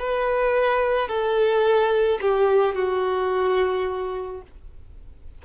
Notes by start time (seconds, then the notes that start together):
0.00 B4
1.09 A4
2.22 G4
2.76 F#4